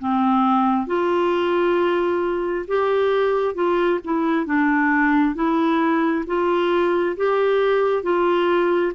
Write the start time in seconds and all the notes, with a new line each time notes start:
0.00 C4
0.87 F4
2.68 G4
3.55 F4
4.05 E4
4.47 D4
5.36 E4
6.27 F4
7.17 G4
8.04 F4